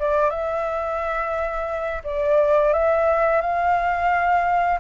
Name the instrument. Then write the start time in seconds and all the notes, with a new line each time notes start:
flute
0.00 D5
0.30 E5
2.04 D5
2.73 E5
3.41 F5